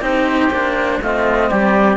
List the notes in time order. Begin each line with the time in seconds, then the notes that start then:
0.00 C4 D#4 G4 C5
0.50 A#3 D4
1.01 A3 C4 F4 D#5
1.50 G3 G4 D5